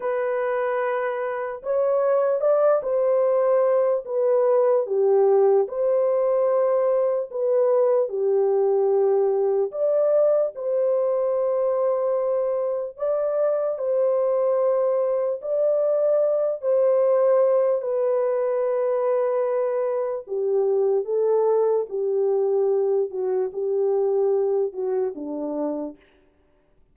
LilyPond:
\new Staff \with { instrumentName = "horn" } { \time 4/4 \tempo 4 = 74 b'2 cis''4 d''8 c''8~ | c''4 b'4 g'4 c''4~ | c''4 b'4 g'2 | d''4 c''2. |
d''4 c''2 d''4~ | d''8 c''4. b'2~ | b'4 g'4 a'4 g'4~ | g'8 fis'8 g'4. fis'8 d'4 | }